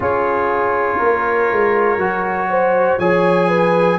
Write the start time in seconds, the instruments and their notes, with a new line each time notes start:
0.00 tuba C#4, trombone F4, horn G#4, trumpet C#5
0.98 tuba A#3, horn A#4
1.51 tuba G#3
1.97 tuba F#3, trombone F#4
2.49 horn C5
2.99 tuba F3, trombone G#4, horn C#5, trumpet G#5
3.47 horn B4